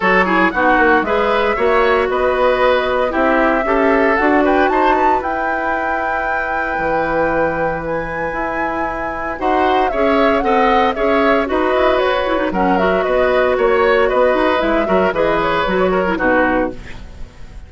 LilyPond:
<<
  \new Staff \with { instrumentName = "flute" } { \time 4/4 \tempo 4 = 115 cis''4 fis''4 e''2 | dis''2 e''2 | fis''8 g''8 a''4 g''2~ | g''2. gis''4~ |
gis''2 fis''4 e''4 | fis''4 e''4 dis''4 cis''4 | fis''8 e''8 dis''4 cis''4 dis''4 | e''4 dis''8 cis''4. b'4 | }
  \new Staff \with { instrumentName = "oboe" } { \time 4/4 a'8 gis'8 fis'4 b'4 cis''4 | b'2 g'4 a'4~ | a'8 b'8 c''8 b'2~ b'8~ | b'1~ |
b'2 c''4 cis''4 | dis''4 cis''4 b'2 | ais'4 b'4 cis''4 b'4~ | b'8 ais'8 b'4. ais'8 fis'4 | }
  \new Staff \with { instrumentName = "clarinet" } { \time 4/4 fis'8 e'8 dis'4 gis'4 fis'4~ | fis'2 e'4 g'4 | fis'2 e'2~ | e'1~ |
e'2 fis'4 gis'4 | a'4 gis'4 fis'4. e'16 dis'16 | cis'8 fis'2.~ fis'8 | e'8 fis'8 gis'4 fis'8. e'16 dis'4 | }
  \new Staff \with { instrumentName = "bassoon" } { \time 4/4 fis4 b8 ais8 gis4 ais4 | b2 c'4 cis'4 | d'4 dis'4 e'2~ | e'4 e2. |
e'2 dis'4 cis'4 | c'4 cis'4 dis'8 e'8 fis'4 | fis4 b4 ais4 b8 dis'8 | gis8 fis8 e4 fis4 b,4 | }
>>